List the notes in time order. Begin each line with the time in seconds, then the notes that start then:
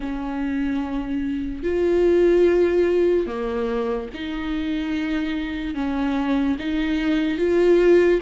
0.00 C#4
1.63 F4
3.27 A#3
4.14 D#4
5.74 C#4
6.58 D#4
7.37 F4